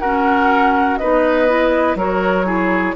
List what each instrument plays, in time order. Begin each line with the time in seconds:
0.00 clarinet C#4, bassoon F#4, oboe A#4, flute F#5
0.98 bassoon B3, clarinet D#4, oboe B4, flute D#5
1.49 clarinet E4
1.96 bassoon F#3, clarinet F#4, oboe A#4, flute C#5
2.46 clarinet E4, oboe G#4